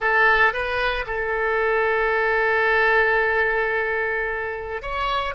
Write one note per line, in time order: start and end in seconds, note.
0.00 0.53 A4
0.53 1.05 B4
1.06 4.82 A4
4.82 5.34 C#5